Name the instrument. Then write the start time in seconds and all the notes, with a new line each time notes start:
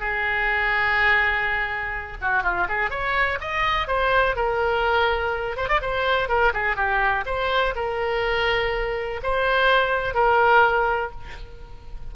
oboe
0.00 G#4
2.21 F#4
2.43 F4
2.69 G#4
2.91 C#5
3.41 D#5
3.88 C5
4.36 A#4
5.57 C5
5.69 D5
5.82 C5
6.29 A#4
6.54 G#4
6.76 G4
7.26 C5
7.76 A#4
9.23 C5
10.14 A#4